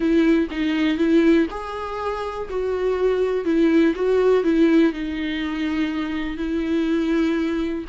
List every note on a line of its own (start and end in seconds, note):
0.00 0.48 E4
0.51 0.97 D#4
0.97 1.46 E4
1.50 2.48 G#4
2.49 3.44 F#4
3.44 3.94 E4
3.95 4.43 F#4
4.43 4.92 E4
4.92 6.37 D#4
6.37 7.84 E4